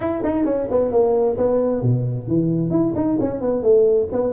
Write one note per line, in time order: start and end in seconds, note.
0.00 0.22 E4
0.23 0.44 D#4
0.44 0.67 C#4
0.70 0.91 B3
0.91 1.37 A#3
1.37 1.82 B3
1.82 2.27 B2
2.27 2.70 E3
2.70 2.93 E4
2.95 3.17 D#4
3.20 3.40 C#4
3.40 3.62 B3
3.62 4.08 A3
4.12 4.33 B3